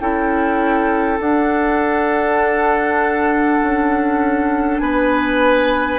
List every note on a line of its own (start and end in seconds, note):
0.00 1.20 C#4
0.00 1.19 E4
0.00 4.82 A4
0.00 1.20 G5
1.19 5.99 D4
1.19 3.60 D4
1.19 4.78 F#5
3.62 4.80 C#4
4.78 5.99 B3
4.78 5.99 B4
4.78 5.98 G#5